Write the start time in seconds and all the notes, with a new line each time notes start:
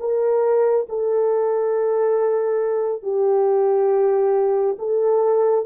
0.00 A#4
0.89 A4
3.03 G4
4.79 A4